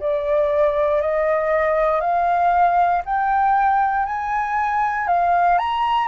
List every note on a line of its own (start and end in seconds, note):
0.00 1.02 D5
1.02 2.01 D#5
2.01 3.02 F5
3.05 4.06 G5
4.06 5.08 G#5
5.08 5.58 F5
5.59 6.08 A#5